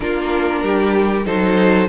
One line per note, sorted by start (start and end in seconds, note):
0.00 0.62 A#3
0.00 1.23 D4
0.00 0.63 F4
0.00 1.26 A#4
0.62 1.25 G3
0.62 1.25 G4
1.25 1.88 F#3
1.25 1.88 D#4
1.25 1.88 A4
1.25 1.88 C5